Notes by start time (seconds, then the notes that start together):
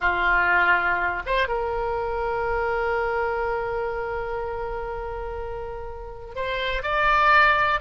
0.00 F4
1.26 C5
1.48 A#4
6.35 C5
6.82 D5